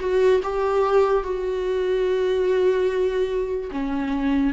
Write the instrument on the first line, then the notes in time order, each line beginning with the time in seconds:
viola
0.00 F#4
0.43 G4
1.23 F#4
3.71 C#4